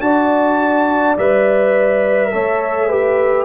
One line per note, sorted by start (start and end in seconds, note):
0.00 1.15 D4
0.00 1.16 F#4
0.00 2.33 D5
0.00 1.16 A5
1.18 2.33 G3
1.18 2.31 B4
1.18 3.45 E5
2.31 3.45 A3
2.31 2.89 A4
2.31 2.88 C#5
2.88 3.45 G4
2.88 3.45 B4